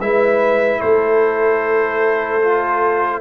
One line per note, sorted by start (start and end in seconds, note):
0.00 0.80 G#3
0.00 2.42 E4
0.00 0.80 B4
0.00 0.81 E5
0.80 3.21 A3
0.80 3.20 A4
0.80 3.21 C5
2.42 3.21 F4